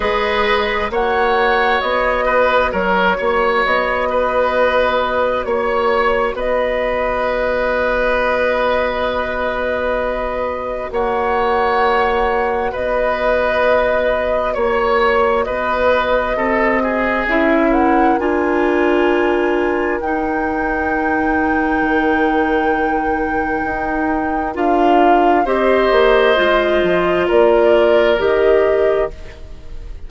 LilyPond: <<
  \new Staff \with { instrumentName = "flute" } { \time 4/4 \tempo 4 = 66 dis''4 fis''4 dis''4 cis''4 | dis''2 cis''4 dis''4~ | dis''1 | fis''2 dis''2 |
cis''4 dis''2 e''8 fis''8 | gis''2 g''2~ | g''2. f''4 | dis''2 d''4 dis''4 | }
  \new Staff \with { instrumentName = "oboe" } { \time 4/4 b'4 cis''4. b'8 ais'8 cis''8~ | cis''8 b'4. cis''4 b'4~ | b'1 | cis''2 b'2 |
cis''4 b'4 a'8 gis'4 ais'8~ | ais'1~ | ais'1 | c''2 ais'2 | }
  \new Staff \with { instrumentName = "clarinet" } { \time 4/4 gis'4 fis'2.~ | fis'1~ | fis'1~ | fis'1~ |
fis'2. e'4 | f'2 dis'2~ | dis'2. f'4 | g'4 f'2 g'4 | }
  \new Staff \with { instrumentName = "bassoon" } { \time 4/4 gis4 ais4 b4 fis8 ais8 | b2 ais4 b4~ | b1 | ais2 b2 |
ais4 b4 c'4 cis'4 | d'2 dis'2 | dis2 dis'4 d'4 | c'8 ais8 gis8 f8 ais4 dis4 | }
>>